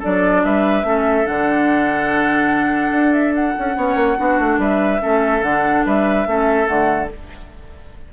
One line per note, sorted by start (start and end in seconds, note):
0.00 0.45 F#3
0.00 0.84 D4
0.00 0.42 A4
0.00 0.45 D5
0.45 0.84 G3
0.45 0.87 B4
0.45 1.27 E5
0.84 1.26 A3
0.84 1.25 C#4
0.84 3.77 A4
1.25 2.91 D3
1.25 3.75 D4
1.25 3.14 F#5
2.91 3.54 D4
3.14 3.35 E5
3.35 4.60 F#5
3.59 3.77 C#4
3.76 3.96 B3
3.76 4.17 C#4
3.76 4.18 C#5
3.96 4.17 A#3
4.17 4.39 B3
4.17 5.00 D4
4.17 4.60 F#4
4.39 4.59 A3
4.59 5.00 G3
4.59 5.02 B4
4.59 5.43 E5
5.00 5.43 A3
5.00 5.42 C#4
5.00 5.86 A4
5.43 5.84 D3
5.43 6.28 D4
5.43 5.85 F#5
5.86 6.27 G3
5.86 6.28 B4
5.86 6.68 E5
6.27 6.68 A3
6.27 6.65 C#4
6.27 7.13 A4
6.65 7.11 D3
6.65 7.07 A3
6.65 7.09 F#5